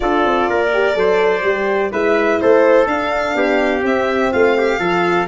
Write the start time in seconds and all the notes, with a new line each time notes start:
0.00 D4 F4 A4 D5
0.25 C4
0.48 A#3 A#4
0.73 G4
0.94 F#3 A4 C5
1.43 G3 G4
1.91 G#3 E4 B4 E5
2.40 A3 A4 C5
2.86 D4 F5
3.35 B3 G4
3.82 C4 E5
4.32 A3 F4 F5
4.57 G4
4.79 F3 F4 A4